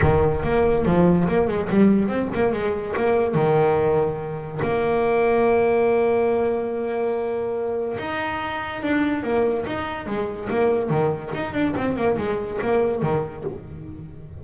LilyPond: \new Staff \with { instrumentName = "double bass" } { \time 4/4 \tempo 4 = 143 dis4 ais4 f4 ais8 gis8 | g4 c'8 ais8 gis4 ais4 | dis2. ais4~ | ais1~ |
ais2. dis'4~ | dis'4 d'4 ais4 dis'4 | gis4 ais4 dis4 dis'8 d'8 | c'8 ais8 gis4 ais4 dis4 | }